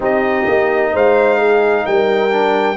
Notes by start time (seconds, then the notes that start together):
0.00 C4 D#4 G4 D#5
0.47 A#3
0.92 G#3 C5 F5
1.38 G#4
1.85 G3 A#4 G5
2.29 D4